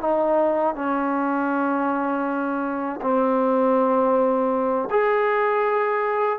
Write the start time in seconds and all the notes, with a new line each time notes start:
0.00 D#4
0.75 C#4
3.01 C4
4.90 G#4